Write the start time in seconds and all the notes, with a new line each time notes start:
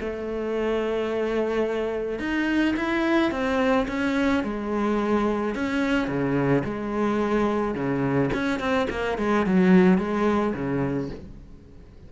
0.00 A3
2.19 D#4
2.76 E4
3.31 C4
3.88 C#4
4.43 G#3
5.55 C#4
6.08 C#3
6.64 G#3
7.74 C#3
8.34 C#4
8.60 C4
8.90 A#3
9.18 G#3
9.46 F#3
9.98 G#3
10.54 C#3